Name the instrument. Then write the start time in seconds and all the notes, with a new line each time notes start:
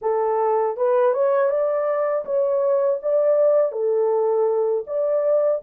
horn
0.01 A4
0.76 B4
1.13 C#5
1.50 D5
2.25 C#5
3.02 D5
3.71 A4
4.86 D5